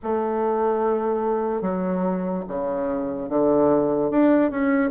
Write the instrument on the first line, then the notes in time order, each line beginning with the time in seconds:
bassoon
0.02 A3
1.61 F#3
2.48 C#3
3.29 D3
4.11 D4
4.51 C#4